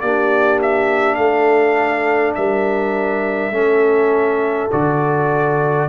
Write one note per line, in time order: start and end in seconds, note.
0.00 1.18 A#3
0.00 3.52 D4
0.00 1.16 G4
0.00 0.59 D5
0.62 1.14 E5
1.14 2.35 A3
1.14 2.34 A4
1.14 2.32 F5
2.35 3.50 G3
2.35 3.54 A#4
2.35 4.70 E5
3.50 4.68 A3
3.50 4.70 C#4
3.50 5.88 A4
4.71 5.88 D3
4.71 5.88 F#4
4.71 5.88 D5